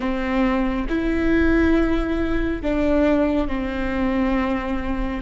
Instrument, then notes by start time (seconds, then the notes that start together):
viola
0.00 C4
0.89 E4
2.61 D4
3.47 C4